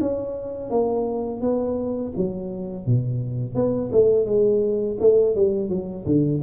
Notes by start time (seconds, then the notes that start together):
0.00 C#4
0.69 A#3
1.41 B3
2.16 F#3
2.86 B2
3.54 B3
3.92 A3
4.25 G#3
5.00 A3
5.35 G3
5.69 F#3
6.05 D3